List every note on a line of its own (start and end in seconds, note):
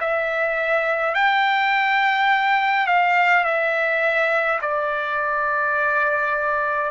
0.00 1.14 E5
1.14 2.86 G5
2.86 3.44 F5
3.44 4.59 E5
4.62 6.91 D5